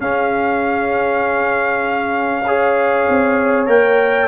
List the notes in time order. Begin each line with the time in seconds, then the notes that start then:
0.00 C#4 G#4 F5
2.46 G#4 C#5
3.09 C4
3.66 A#3 A#4 G5